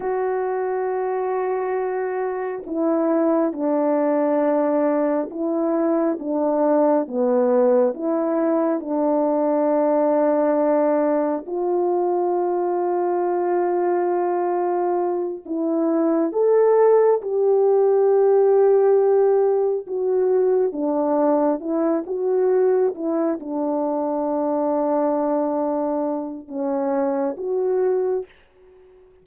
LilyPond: \new Staff \with { instrumentName = "horn" } { \time 4/4 \tempo 4 = 68 fis'2. e'4 | d'2 e'4 d'4 | b4 e'4 d'2~ | d'4 f'2.~ |
f'4. e'4 a'4 g'8~ | g'2~ g'8 fis'4 d'8~ | d'8 e'8 fis'4 e'8 d'4.~ | d'2 cis'4 fis'4 | }